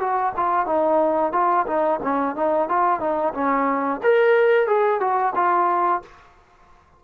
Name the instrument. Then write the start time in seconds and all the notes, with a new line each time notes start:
trombone
0.00 F#4
0.37 F4
0.67 D#4
1.33 F4
1.67 D#4
2.03 C#4
2.36 D#4
2.69 F4
3.00 D#4
3.34 C#4
4.03 A#4
4.67 G#4
5.01 F#4
5.35 F4